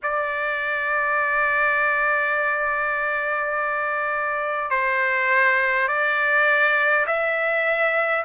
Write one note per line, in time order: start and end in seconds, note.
0.02 4.70 D5
4.70 5.88 C5
5.88 7.05 D5
7.06 8.24 E5